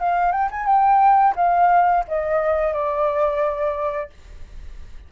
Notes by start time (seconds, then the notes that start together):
0.00 F5
0.32 G5
0.51 G#5
0.66 G5
1.36 F5
2.08 D#5
2.73 D5